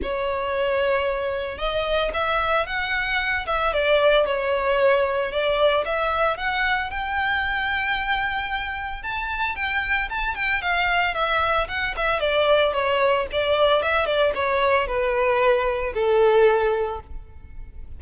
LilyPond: \new Staff \with { instrumentName = "violin" } { \time 4/4 \tempo 4 = 113 cis''2. dis''4 | e''4 fis''4. e''8 d''4 | cis''2 d''4 e''4 | fis''4 g''2.~ |
g''4 a''4 g''4 a''8 g''8 | f''4 e''4 fis''8 e''8 d''4 | cis''4 d''4 e''8 d''8 cis''4 | b'2 a'2 | }